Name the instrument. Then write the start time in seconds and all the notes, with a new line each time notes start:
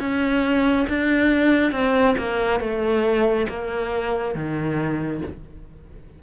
cello
0.00 C#4
0.89 D4
1.72 C4
2.18 A#3
2.60 A3
3.49 A#3
4.35 D#3